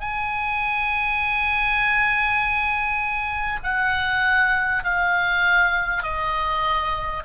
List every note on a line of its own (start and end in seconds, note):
0.00 3.60 G#5
3.63 4.83 F#5
4.83 6.03 F5
6.03 7.23 D#5